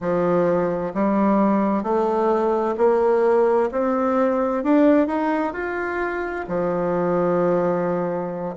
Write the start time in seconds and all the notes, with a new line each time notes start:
0.00 F3
0.94 G3
1.83 A3
2.77 A#3
3.71 C4
4.63 D4
5.07 D#4
5.53 F4
6.47 F3